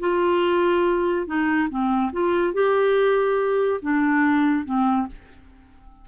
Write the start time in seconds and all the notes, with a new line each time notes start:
0.00 F4
1.27 D#4
1.70 C4
2.12 F4
2.54 G4
3.82 D4
4.65 C4